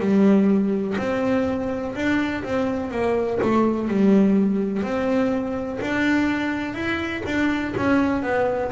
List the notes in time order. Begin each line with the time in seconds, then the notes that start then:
0.00 G3
0.98 C4
1.95 D4
2.44 C4
2.91 A#3
3.43 A3
3.88 G3
4.83 C4
5.81 D4
6.74 E4
7.26 D4
7.77 C#4
8.23 B3